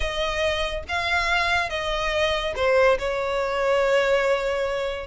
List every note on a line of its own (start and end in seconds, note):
0.00 0.83 D#5
0.88 1.69 F5
1.69 2.54 D#5
2.55 2.98 C5
2.98 5.07 C#5